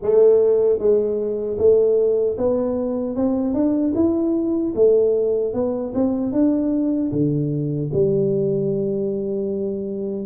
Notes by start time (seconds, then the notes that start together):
0.02 A3
0.78 G#3
1.58 A3
2.37 B3
3.15 C4
3.53 D4
3.94 E4
4.75 A3
5.53 B3
5.94 C4
6.32 D4
7.12 D3
7.93 G3